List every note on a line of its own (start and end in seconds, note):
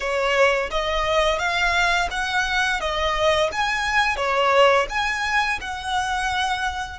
0.00 0.70 C#5
0.70 1.38 D#5
1.38 2.08 F5
2.11 2.80 F#5
2.80 3.50 D#5
3.51 4.16 G#5
4.16 4.86 C#5
4.89 5.59 G#5
5.60 6.99 F#5